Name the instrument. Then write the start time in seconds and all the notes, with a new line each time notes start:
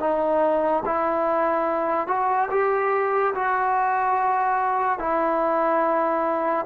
trombone
0.00 D#4
0.85 E4
2.08 F#4
2.50 G4
3.34 F#4
4.99 E4